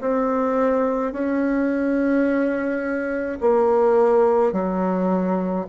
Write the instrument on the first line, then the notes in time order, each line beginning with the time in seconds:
bassoon
0.00 C4
1.12 C#4
3.41 A#3
4.52 F#3